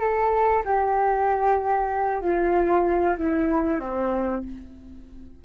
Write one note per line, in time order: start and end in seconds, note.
0.00 0.63 A4
0.65 2.22 G4
2.22 3.16 F4
3.18 3.80 E4
3.80 4.43 C4